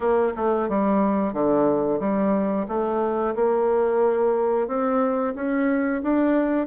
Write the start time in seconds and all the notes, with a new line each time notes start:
0.00 A#3
0.35 A3
0.68 G3
1.33 D3
1.99 G3
2.68 A3
3.35 A#3
4.67 C4
5.35 C#4
6.02 D4